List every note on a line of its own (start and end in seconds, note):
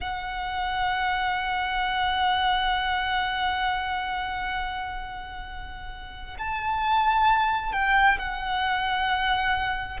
0.00 6.37 F#5
6.38 7.72 A5
7.72 8.17 G5
8.18 10.00 F#5